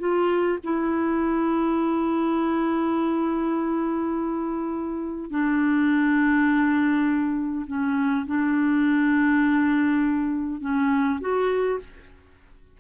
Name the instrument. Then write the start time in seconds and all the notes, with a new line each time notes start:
clarinet
0.00 F4
0.64 E4
5.30 D4
7.67 C#4
8.27 D4
10.61 C#4
11.21 F#4